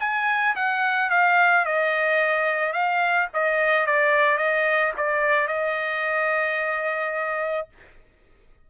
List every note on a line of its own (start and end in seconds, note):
0.00 0.55 G#5
0.56 1.10 F#5
1.10 1.65 F5
1.65 2.73 D#5
2.73 3.28 F5
3.34 3.86 D#5
3.86 4.37 D5
4.37 4.92 D#5
4.97 5.47 D5
5.47 7.68 D#5